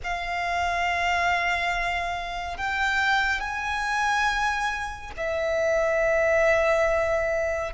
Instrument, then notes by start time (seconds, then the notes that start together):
violin
0.04 F5
2.57 G5
3.40 G#5
5.16 E5